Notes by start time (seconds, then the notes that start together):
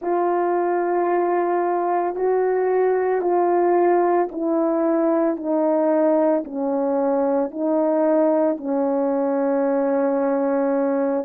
0.01 F4
2.15 F#4
3.21 F4
4.31 E4
5.36 D#4
6.44 C#4
7.50 D#4
8.57 C#4